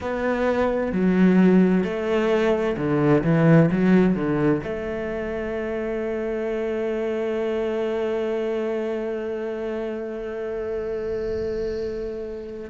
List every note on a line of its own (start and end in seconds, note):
0.00 0.92 B3
0.92 1.84 F#3
1.84 2.76 A3
2.77 3.23 D3
3.23 3.69 E3
3.71 4.15 F#3
4.15 4.61 D3
4.63 12.70 A3